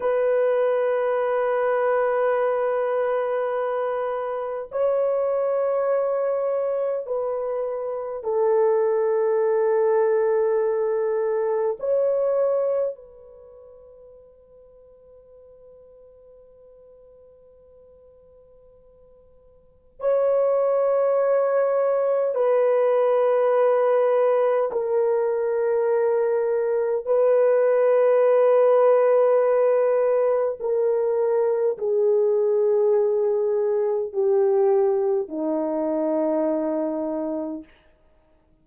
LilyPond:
\new Staff \with { instrumentName = "horn" } { \time 4/4 \tempo 4 = 51 b'1 | cis''2 b'4 a'4~ | a'2 cis''4 b'4~ | b'1~ |
b'4 cis''2 b'4~ | b'4 ais'2 b'4~ | b'2 ais'4 gis'4~ | gis'4 g'4 dis'2 | }